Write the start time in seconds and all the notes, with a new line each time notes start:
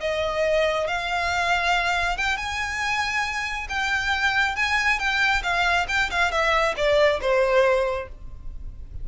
0.00 D#5
0.87 F5
2.17 G5
2.37 G#5
3.69 G5
4.56 G#5
4.98 G5
5.42 F5
5.88 G5
6.10 F5
6.31 E5
6.76 D5
7.21 C5